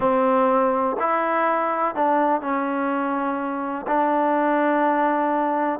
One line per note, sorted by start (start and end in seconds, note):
0.00 0.97 C4
0.99 1.95 E4
1.95 2.41 D4
2.41 3.86 C#4
3.87 5.79 D4